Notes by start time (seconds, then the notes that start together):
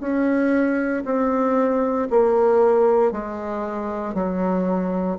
0.00 C#4
1.05 C4
2.10 A#3
3.12 G#3
4.14 F#3